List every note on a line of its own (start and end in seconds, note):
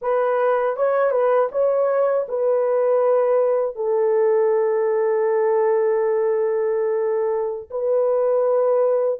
0.01 0.76 B4
0.76 1.11 C#5
1.11 1.48 B4
1.51 2.26 C#5
2.28 3.75 B4
3.75 7.69 A4
7.70 9.19 B4